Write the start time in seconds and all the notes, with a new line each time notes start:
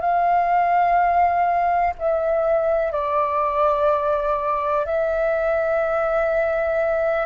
0.00 F5
1.98 E5
2.92 D5
4.86 E5